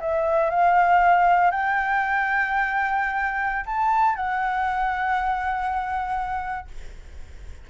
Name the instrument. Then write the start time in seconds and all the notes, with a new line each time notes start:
flute
0.00 E5
0.50 F5
1.51 G5
3.66 A5
4.16 F#5